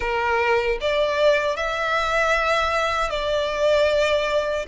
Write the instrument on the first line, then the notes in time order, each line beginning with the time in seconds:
violin
0.00 A#4
0.80 D5
1.56 E5
3.10 D5